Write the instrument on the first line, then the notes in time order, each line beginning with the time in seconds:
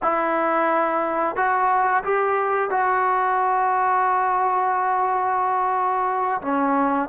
trombone
0.02 E4
1.35 F#4
2.03 G4
2.70 F#4
6.41 C#4